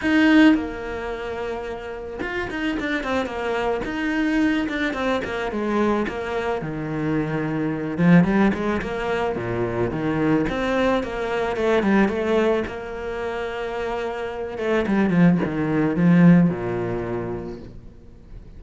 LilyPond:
\new Staff \with { instrumentName = "cello" } { \time 4/4 \tempo 4 = 109 dis'4 ais2. | f'8 dis'8 d'8 c'8 ais4 dis'4~ | dis'8 d'8 c'8 ais8 gis4 ais4 | dis2~ dis8 f8 g8 gis8 |
ais4 ais,4 dis4 c'4 | ais4 a8 g8 a4 ais4~ | ais2~ ais8 a8 g8 f8 | dis4 f4 ais,2 | }